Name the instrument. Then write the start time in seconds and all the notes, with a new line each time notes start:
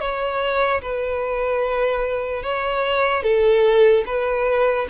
violin
0.00 C#5
0.81 B4
2.43 C#5
3.23 A4
4.06 B4